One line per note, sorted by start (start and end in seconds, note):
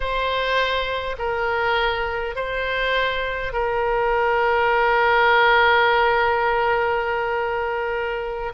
0.00 1.16 C5
1.18 2.35 A#4
2.35 3.52 C5
3.52 8.52 A#4